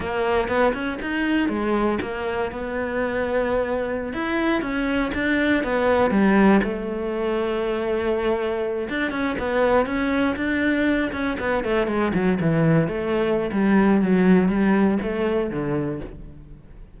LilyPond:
\new Staff \with { instrumentName = "cello" } { \time 4/4 \tempo 4 = 120 ais4 b8 cis'8 dis'4 gis4 | ais4 b2.~ | b16 e'4 cis'4 d'4 b8.~ | b16 g4 a2~ a8.~ |
a4.~ a16 d'8 cis'8 b4 cis'16~ | cis'8. d'4. cis'8 b8 a8 gis16~ | gis16 fis8 e4 a4~ a16 g4 | fis4 g4 a4 d4 | }